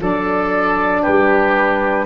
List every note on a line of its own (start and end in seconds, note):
0.00 1.04 F#3
0.00 2.06 D4
0.00 1.02 A4
0.00 1.04 D5
1.02 2.06 G3
1.02 2.06 G4
1.02 2.06 B4